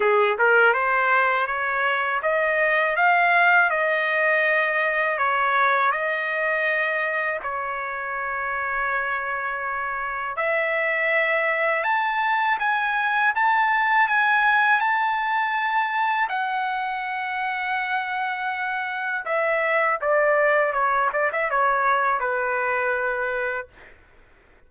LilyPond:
\new Staff \with { instrumentName = "trumpet" } { \time 4/4 \tempo 4 = 81 gis'8 ais'8 c''4 cis''4 dis''4 | f''4 dis''2 cis''4 | dis''2 cis''2~ | cis''2 e''2 |
a''4 gis''4 a''4 gis''4 | a''2 fis''2~ | fis''2 e''4 d''4 | cis''8 d''16 e''16 cis''4 b'2 | }